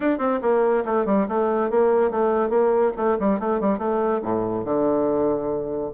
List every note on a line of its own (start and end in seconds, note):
0.00 0.18 D4
0.18 0.39 C4
0.41 0.84 A#3
0.85 1.05 A3
1.05 1.26 G3
1.28 1.70 A3
1.70 2.10 A#3
2.10 2.49 A3
2.49 2.92 A#3
2.96 3.17 A3
3.19 3.39 G3
3.39 3.60 A3
3.60 3.78 G3
3.78 4.20 A3
4.22 4.64 A2
4.64 5.91 D3